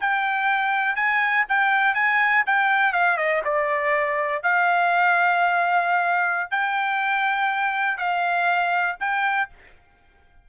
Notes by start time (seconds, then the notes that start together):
0.00 G5
0.95 G#5
1.49 G5
1.94 G#5
2.46 G5
2.93 F5
3.17 D#5
3.44 D5
4.42 F5
6.51 G5
7.97 F5
9.00 G5